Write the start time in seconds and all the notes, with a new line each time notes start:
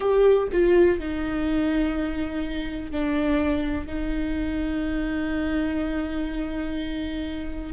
0.00 G4
0.51 F4
0.99 D#4
2.91 D4
3.86 D#4